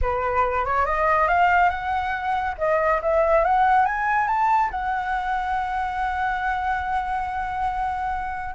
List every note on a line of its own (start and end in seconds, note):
0.01 0.65 B4
0.65 0.85 C#5
0.85 1.28 D#5
1.28 1.69 F5
1.69 2.55 F#5
2.58 3.01 D#5
3.02 3.44 E5
3.44 3.85 F#5
3.85 4.27 G#5
4.27 4.70 A5
4.70 8.55 F#5